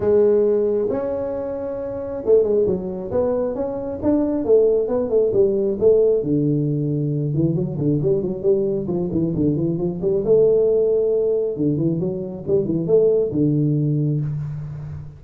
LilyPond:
\new Staff \with { instrumentName = "tuba" } { \time 4/4 \tempo 4 = 135 gis2 cis'2~ | cis'4 a8 gis8 fis4 b4 | cis'4 d'4 a4 b8 a8 | g4 a4 d2~ |
d8 e8 fis8 d8 g8 fis8 g4 | f8 e8 d8 e8 f8 g8 a4~ | a2 d8 e8 fis4 | g8 e8 a4 d2 | }